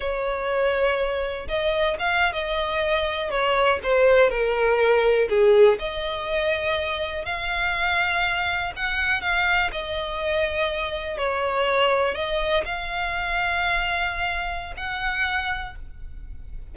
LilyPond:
\new Staff \with { instrumentName = "violin" } { \time 4/4 \tempo 4 = 122 cis''2. dis''4 | f''8. dis''2 cis''4 c''16~ | c''8. ais'2 gis'4 dis''16~ | dis''2~ dis''8. f''4~ f''16~ |
f''4.~ f''16 fis''4 f''4 dis''16~ | dis''2~ dis''8. cis''4~ cis''16~ | cis''8. dis''4 f''2~ f''16~ | f''2 fis''2 | }